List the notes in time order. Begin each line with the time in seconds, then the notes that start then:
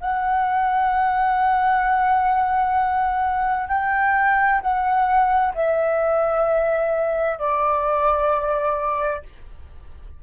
0.00 F#5
3.68 G5
4.61 F#5
5.54 E5
7.38 D5